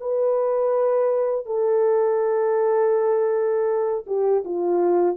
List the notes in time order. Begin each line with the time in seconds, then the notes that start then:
0.00 B4
1.45 A4
4.06 G4
4.44 F4